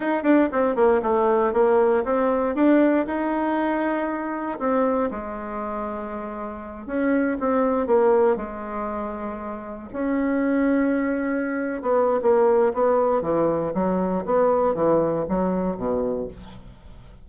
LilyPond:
\new Staff \with { instrumentName = "bassoon" } { \time 4/4 \tempo 4 = 118 dis'8 d'8 c'8 ais8 a4 ais4 | c'4 d'4 dis'2~ | dis'4 c'4 gis2~ | gis4. cis'4 c'4 ais8~ |
ais8 gis2. cis'8~ | cis'2.~ cis'16 b8. | ais4 b4 e4 fis4 | b4 e4 fis4 b,4 | }